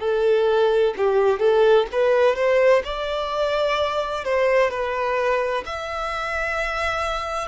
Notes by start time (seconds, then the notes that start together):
0.00 A4
0.97 G4
1.40 A4
1.92 B4
2.36 C5
2.84 D5
4.24 C5
4.70 B4
5.66 E5